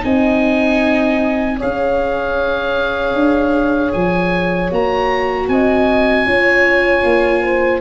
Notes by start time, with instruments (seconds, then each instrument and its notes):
0.00 tuba C4, viola D#4, horn D#5, oboe G#5
1.57 tuba C#4, viola G#4, horn C#5, oboe F5
3.14 tuba D4
3.92 tuba F3, oboe G#5
4.70 tuba A#3, viola F#4, oboe A#5
5.48 tuba C4, horn D#5, oboe G#5
6.26 tuba C#4, viola F4, horn C#5
7.03 tuba A#3
7.43 horn C5